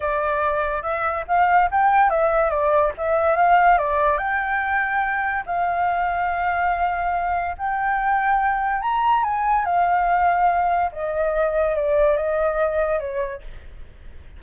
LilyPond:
\new Staff \with { instrumentName = "flute" } { \time 4/4 \tempo 4 = 143 d''2 e''4 f''4 | g''4 e''4 d''4 e''4 | f''4 d''4 g''2~ | g''4 f''2.~ |
f''2 g''2~ | g''4 ais''4 gis''4 f''4~ | f''2 dis''2 | d''4 dis''2 cis''4 | }